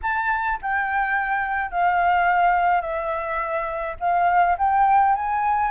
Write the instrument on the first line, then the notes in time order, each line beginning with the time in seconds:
flute
0.02 A5
0.62 G5
1.71 F5
2.81 E5
3.99 F5
4.58 G5
5.15 G#5